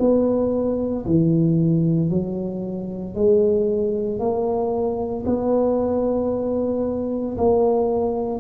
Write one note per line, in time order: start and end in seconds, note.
0.00 1.05 B3
1.06 2.10 E3
2.10 3.15 F#3
3.15 4.19 G#3
4.19 5.24 A#3
5.26 7.37 B3
7.38 8.40 A#3